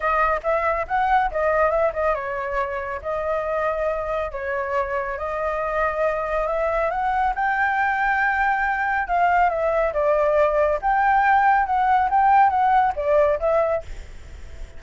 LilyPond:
\new Staff \with { instrumentName = "flute" } { \time 4/4 \tempo 4 = 139 dis''4 e''4 fis''4 dis''4 | e''8 dis''8 cis''2 dis''4~ | dis''2 cis''2 | dis''2. e''4 |
fis''4 g''2.~ | g''4 f''4 e''4 d''4~ | d''4 g''2 fis''4 | g''4 fis''4 d''4 e''4 | }